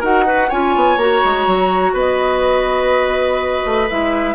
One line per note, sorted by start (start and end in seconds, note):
0.00 0.51 D#4
0.00 0.26 F#4
0.00 0.24 A#4
0.00 0.51 F#5
0.26 0.49 F#4
0.26 0.50 B4
0.49 0.76 C#4
0.49 0.99 F4
0.49 1.94 C#5
0.49 0.98 G#5
0.76 0.97 B3
0.97 1.21 A#3
0.97 3.90 F#4
0.97 1.95 A#5
1.24 1.47 G#3
1.47 1.94 F#3
1.94 3.63 B3
1.94 4.35 B4
1.94 3.90 D#5
3.65 3.89 A3
3.90 4.35 G#3
3.90 4.35 E4
3.90 4.35 E5